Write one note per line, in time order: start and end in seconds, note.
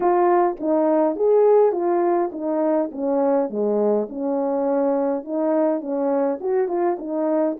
0.00 0.56 F4
0.60 1.15 D#4
1.15 1.72 G#4
1.72 2.30 F4
2.31 2.90 D#4
2.91 3.49 C#4
3.49 4.08 G#3
4.09 5.24 C#4
5.24 5.80 D#4
5.80 6.38 C#4
6.40 6.68 F#4
6.68 6.97 F4
6.98 7.57 D#4